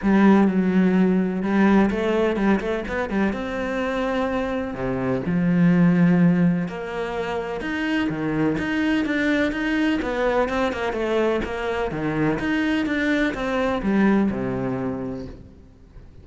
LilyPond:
\new Staff \with { instrumentName = "cello" } { \time 4/4 \tempo 4 = 126 g4 fis2 g4 | a4 g8 a8 b8 g8 c'4~ | c'2 c4 f4~ | f2 ais2 |
dis'4 dis4 dis'4 d'4 | dis'4 b4 c'8 ais8 a4 | ais4 dis4 dis'4 d'4 | c'4 g4 c2 | }